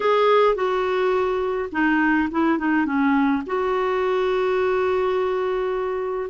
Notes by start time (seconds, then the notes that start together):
0.00 G#4
0.55 F#4
1.71 D#4
2.31 E4
2.58 D#4
2.85 C#4
3.46 F#4